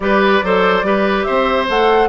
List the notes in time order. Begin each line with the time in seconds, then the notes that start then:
0.00 G3 G4 B4 D5
0.42 F#3 A4 C5
0.83 G3 G4 B4
1.23 C4 C5 E5
1.68 A3 A4 F#5